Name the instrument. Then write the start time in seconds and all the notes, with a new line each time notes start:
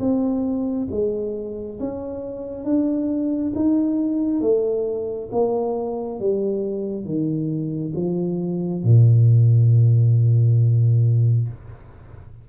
tuba
0.00 C4
0.91 G#3
1.80 C#4
2.65 D4
3.56 D#4
4.41 A3
5.32 A#3
6.20 G3
7.05 D#3
7.96 F3
8.84 A#2